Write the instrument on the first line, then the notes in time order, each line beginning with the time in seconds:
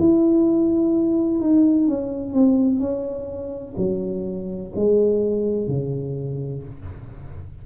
tuba
0.00 E4
1.41 D#4
1.88 C#4
2.34 C4
2.80 C#4
3.77 F#3
4.76 G#3
5.68 C#3